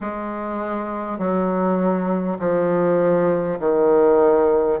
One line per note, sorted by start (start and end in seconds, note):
0.00 1.18 G#3
1.18 2.38 F#3
2.39 3.59 F3
3.59 4.79 D#3